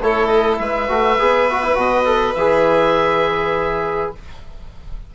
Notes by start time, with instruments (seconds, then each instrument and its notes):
0.00 bassoon A3, trombone E4, violin A4, oboe C#5
0.27 oboe D#5
0.58 bassoon G#3, violin B4, oboe E5
0.88 bassoon A3, trombone F#4
1.18 bassoon B3, trombone G#4
1.50 trombone F#4
1.62 trombone E4
1.75 bassoon B2, trombone F#4, oboe D#5
2.05 trombone A4
2.34 bassoon E3, trombone G#4, oboe E5